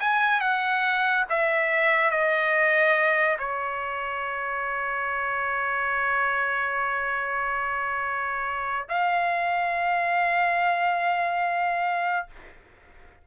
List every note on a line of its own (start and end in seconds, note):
0.00 0.41 G#5
0.41 1.25 F#5
1.30 2.11 E5
2.11 3.38 D#5
3.39 8.88 C#5
8.89 12.27 F5